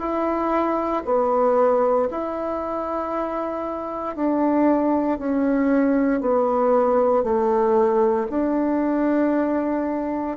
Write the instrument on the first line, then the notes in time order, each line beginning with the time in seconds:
bassoon
0.00 E4
1.05 B3
2.11 E4
4.16 D4
5.19 C#4
6.21 B3
7.24 A3
8.30 D4